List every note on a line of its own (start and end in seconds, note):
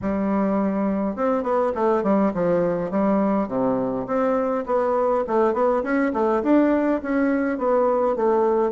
0.01 1.15 G3
1.15 1.43 C4
1.43 1.72 B3
1.74 2.03 A3
2.03 2.32 G3
2.34 2.90 F3
2.90 3.48 G3
3.48 4.06 C3
4.06 4.64 C4
4.66 5.24 B3
5.27 5.53 A3
5.53 5.83 B3
5.83 6.12 C#4
6.13 6.42 A3
6.42 7.01 D4
7.02 7.58 C#4
7.58 8.16 B3
8.16 8.71 A3